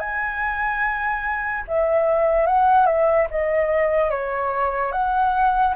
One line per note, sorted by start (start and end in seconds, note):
0.00 1.64 G#5
1.68 2.47 E5
2.47 2.87 F#5
2.87 3.28 E5
3.31 4.11 D#5
4.11 4.92 C#5
4.92 5.75 F#5